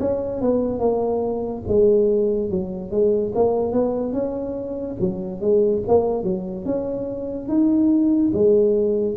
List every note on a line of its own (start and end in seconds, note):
0.00 0.42 C#4
0.42 0.79 B3
0.79 1.62 A#3
1.68 2.50 G#3
2.50 2.91 F#3
2.91 3.33 G#3
3.35 3.73 A#3
3.73 4.13 B3
4.13 4.97 C#4
5.00 5.41 F#3
5.41 5.83 G#3
5.87 6.24 A#3
6.24 6.65 F#3
6.65 7.48 C#4
7.48 8.32 D#4
8.33 9.17 G#3